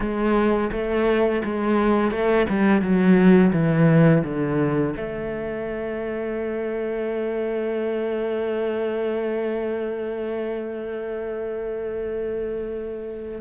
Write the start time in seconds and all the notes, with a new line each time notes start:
0.00 G#3
0.72 A3
1.44 G#3
2.11 A3
2.49 G3
2.81 F#3
3.53 E3
4.24 D3
4.96 A3